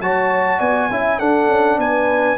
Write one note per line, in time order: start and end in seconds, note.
0.00 0.59 F#3
0.00 0.91 F#4
0.00 0.58 C#5
0.00 0.60 A5
0.58 0.89 B3
0.58 0.88 D5
0.58 1.19 G#5
0.90 1.19 C#4
0.90 1.19 E4
0.90 1.19 E5
1.19 2.38 D4
1.19 1.48 D4
1.19 1.78 A4
1.19 1.78 F#5
1.48 1.77 C#4
1.77 2.37 B3
1.77 2.38 B4
1.77 2.38 G#5